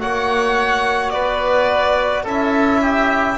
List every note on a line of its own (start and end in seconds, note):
0.00 1.14 A#3
0.00 2.26 F#4
0.00 1.13 C#5
0.00 1.10 F#5
1.10 2.26 B3
1.10 2.24 B4
1.10 2.24 D5
2.24 3.38 C#4
2.24 3.38 E4
2.24 2.81 A4
2.24 3.38 E5
2.82 3.38 G4